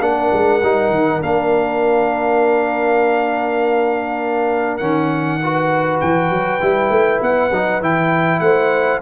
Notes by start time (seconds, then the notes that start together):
0.00 A#3 D4 A#4 F#5
0.32 G#3
0.62 G3 D#4
0.89 D#3
1.21 A#3 D4 F5
4.77 D#3 C#4 F#5
5.42 F#4 B4
6.00 E3 G5
6.29 F#3
6.61 G3 E4
6.90 A3
7.21 B3 F#5
7.51 F#3 D#4
7.81 E3 E4 G5
8.39 A3 C5 F#5